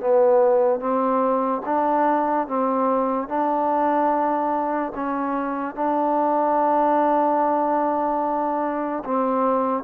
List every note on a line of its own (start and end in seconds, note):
0.00 0.79 B3
0.79 1.61 C4
1.65 2.47 D4
2.47 3.28 C4
3.28 4.92 D4
4.95 5.74 C#4
5.74 9.03 D4
9.04 9.83 C4